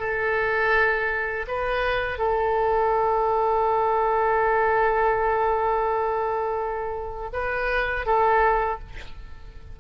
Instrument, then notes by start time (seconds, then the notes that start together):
oboe
0.00 A4
1.48 B4
2.19 A4
7.33 B4
8.06 A4